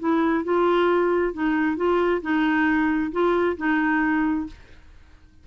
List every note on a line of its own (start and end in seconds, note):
0.00 0.45 E4
0.45 1.34 F4
1.34 1.77 D#4
1.77 2.22 F4
2.22 3.12 D#4
3.12 3.57 F4
3.57 4.47 D#4